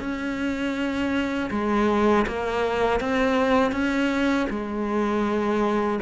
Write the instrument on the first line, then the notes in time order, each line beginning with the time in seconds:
cello
0.00 C#4
1.51 G#3
2.27 A#3
3.00 C4
3.72 C#4
4.50 G#3